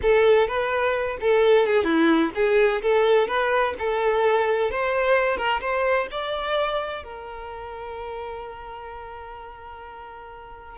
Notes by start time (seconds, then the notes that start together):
0.01 A4
0.47 B4
1.21 A4
1.65 G#4
1.84 E4
2.34 G#4
2.82 A4
3.27 B4
3.79 A4
4.70 C5
5.37 A#4
5.60 C5
6.11 D5
7.03 A#4